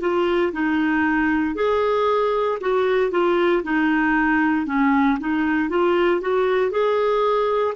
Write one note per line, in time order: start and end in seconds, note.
0.00 0.52 F4
0.52 1.55 D#4
1.55 2.58 G#4
2.60 3.11 F#4
3.11 3.63 F4
3.63 4.66 D#4
4.66 5.18 C#4
5.20 5.69 D#4
5.69 6.21 F4
6.21 6.71 F#4
6.71 7.74 G#4